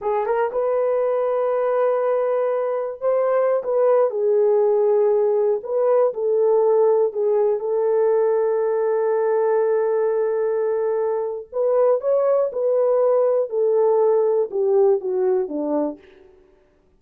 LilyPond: \new Staff \with { instrumentName = "horn" } { \time 4/4 \tempo 4 = 120 gis'8 ais'8 b'2.~ | b'2 c''4~ c''16 b'8.~ | b'16 gis'2. b'8.~ | b'16 a'2 gis'4 a'8.~ |
a'1~ | a'2. b'4 | cis''4 b'2 a'4~ | a'4 g'4 fis'4 d'4 | }